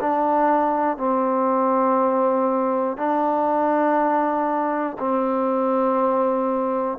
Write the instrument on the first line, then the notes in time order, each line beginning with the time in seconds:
trombone
0.00 D4
0.97 C4
2.97 D4
4.98 C4